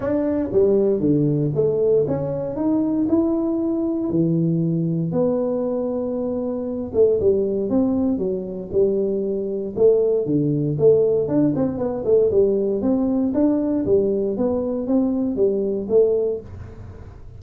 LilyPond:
\new Staff \with { instrumentName = "tuba" } { \time 4/4 \tempo 4 = 117 d'4 g4 d4 a4 | cis'4 dis'4 e'2 | e2 b2~ | b4. a8 g4 c'4 |
fis4 g2 a4 | d4 a4 d'8 c'8 b8 a8 | g4 c'4 d'4 g4 | b4 c'4 g4 a4 | }